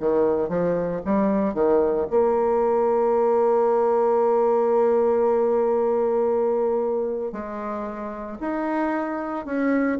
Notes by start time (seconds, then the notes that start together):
0.00 D#3
0.48 F3
1.05 G3
1.54 D#3
2.11 A#3
7.32 G#3
8.40 D#4
9.45 C#4